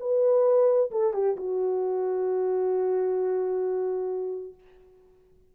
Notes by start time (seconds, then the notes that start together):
0.00 B4
0.91 A4
1.14 G4
1.37 F#4